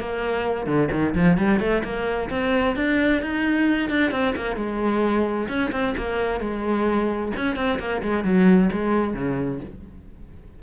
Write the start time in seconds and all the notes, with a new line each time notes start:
0.00 A#3
0.67 D3
0.92 D#3
1.15 F3
1.38 G3
1.60 A3
1.84 A#3
2.30 C4
2.76 D4
3.22 D#4
3.90 D4
4.12 C4
4.36 A#3
4.56 G#3
5.49 C#4
5.72 C4
5.98 A#3
6.41 G#3
7.37 C#4
7.56 C4
7.79 A#3
8.03 G#3
8.24 F#3
8.73 G#3
9.14 C#3